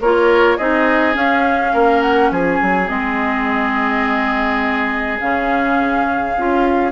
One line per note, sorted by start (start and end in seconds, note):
0.00 0.58 A#3
0.00 0.59 F4
0.00 0.57 A#4
0.00 0.57 C#5
0.57 1.16 C4
0.57 1.13 D#4
0.57 1.73 G#4
0.57 1.15 D#5
1.13 2.86 C#4
1.13 1.73 C#4
1.13 2.02 F5
1.73 2.31 A#3
1.73 2.31 A#4
2.02 2.31 F#5
2.31 2.60 F3
2.31 6.92 G#4
2.31 2.88 G#5
2.62 2.90 F#3
2.87 5.21 G#3
2.87 5.18 C4
2.87 5.19 D#5
5.20 6.37 C#3
5.20 6.37 C#4
5.20 6.92 F5
6.37 6.92 C#4
6.37 6.92 F4